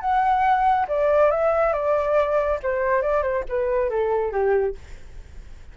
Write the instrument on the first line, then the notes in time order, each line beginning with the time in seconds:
flute
0.00 F#5
0.88 D5
1.31 E5
1.73 D5
2.63 C5
3.02 D5
3.22 C5
3.48 B4
3.89 A4
4.32 G4